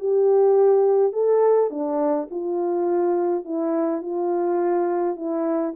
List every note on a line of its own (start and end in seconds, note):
0.00 1.13 G4
1.13 1.71 A4
1.71 2.29 D4
2.31 3.45 F4
3.45 4.03 E4
4.03 5.17 F4
5.17 5.75 E4